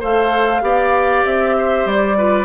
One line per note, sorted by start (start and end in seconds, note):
0.00 0.62 A3
0.00 0.61 A4
0.00 0.62 C5
0.00 1.26 F5
0.61 1.24 B3
0.61 2.16 G4
0.61 1.57 D5
1.25 1.85 C4
1.25 1.87 E5
1.57 2.17 C5
1.85 2.44 G3
1.85 2.44 D5
2.17 2.44 F4
2.17 2.44 B4